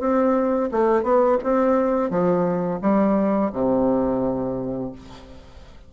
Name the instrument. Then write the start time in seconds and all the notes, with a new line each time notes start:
bassoon
0.00 C4
0.71 A3
1.03 B3
1.43 C4
2.10 F3
2.81 G3
3.53 C3